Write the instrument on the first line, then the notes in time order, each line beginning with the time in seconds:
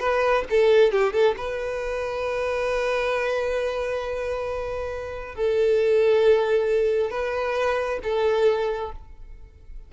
violin
0.00 B4
0.50 A4
0.92 G4
1.13 A4
1.38 B4
5.36 A4
7.11 B4
8.04 A4